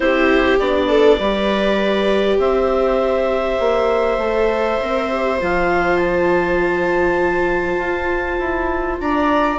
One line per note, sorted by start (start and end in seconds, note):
0.00 0.58 C4
0.00 0.60 E4
0.00 0.88 G4
0.00 0.58 C5
0.59 1.19 B3
0.59 1.20 D4
0.59 2.39 D5
0.88 1.18 A4
1.19 2.38 G3
1.19 4.20 G4
1.19 2.39 B4
2.38 3.58 C4
2.38 9.01 C5
2.38 5.40 E5
3.59 4.17 A#3
4.17 4.77 A3
4.17 4.82 A4
4.82 5.41 C4
4.82 5.10 A#4
5.10 5.39 G4
5.39 7.77 F3
5.39 9.58 F4
5.39 5.97 F5
5.97 8.97 A5
7.77 8.37 F4
8.38 8.98 E4
8.99 9.58 D4
8.99 9.58 D5
8.99 9.58 A#5